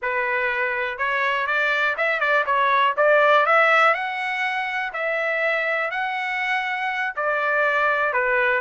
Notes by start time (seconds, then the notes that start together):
0.02 B4
0.98 C#5
1.46 D5
1.97 E5
2.20 D5
2.46 C#5
2.96 D5
3.46 E5
3.93 F#5
4.93 E5
5.90 F#5
7.16 D5
8.13 B4